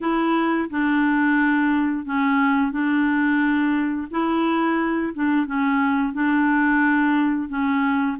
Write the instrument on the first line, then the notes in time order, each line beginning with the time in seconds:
clarinet
0.01 E4
0.69 D4
2.05 C#4
2.71 D4
4.11 E4
5.14 D4
5.46 C#4
6.13 D4
7.48 C#4